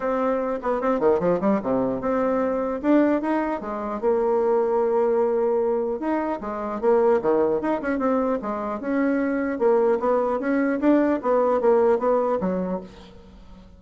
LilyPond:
\new Staff \with { instrumentName = "bassoon" } { \time 4/4 \tempo 4 = 150 c'4. b8 c'8 dis8 f8 g8 | c4 c'2 d'4 | dis'4 gis4 ais2~ | ais2. dis'4 |
gis4 ais4 dis4 dis'8 cis'8 | c'4 gis4 cis'2 | ais4 b4 cis'4 d'4 | b4 ais4 b4 fis4 | }